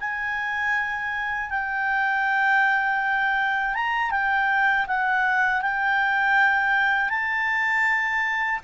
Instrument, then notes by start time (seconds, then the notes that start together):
clarinet
0.00 G#5
1.50 G5
3.74 A#5
4.11 G5
4.87 F#5
5.62 G5
7.10 A5